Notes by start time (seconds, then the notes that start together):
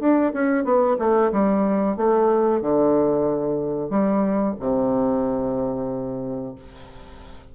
0.00 D4
0.33 C#4
0.65 B3
0.99 A3
1.33 G3
1.97 A3
2.62 D3
3.90 G3
4.60 C3